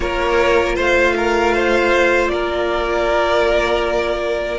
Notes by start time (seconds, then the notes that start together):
0.00 A#3 F4 A#4 C#5
0.75 A3 C5 F5
1.16 A#4
1.54 C5
2.28 A#3 A#4 D5